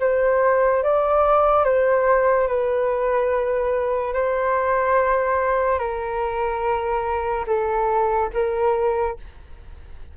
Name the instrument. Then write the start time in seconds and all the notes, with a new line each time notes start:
flute
0.00 C5
0.83 D5
1.64 C5
2.47 B4
4.13 C5
5.78 A#4
7.46 A4
8.33 A#4